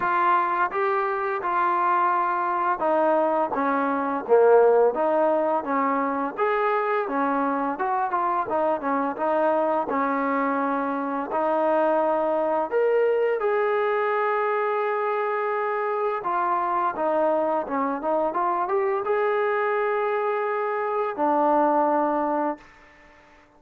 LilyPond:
\new Staff \with { instrumentName = "trombone" } { \time 4/4 \tempo 4 = 85 f'4 g'4 f'2 | dis'4 cis'4 ais4 dis'4 | cis'4 gis'4 cis'4 fis'8 f'8 | dis'8 cis'8 dis'4 cis'2 |
dis'2 ais'4 gis'4~ | gis'2. f'4 | dis'4 cis'8 dis'8 f'8 g'8 gis'4~ | gis'2 d'2 | }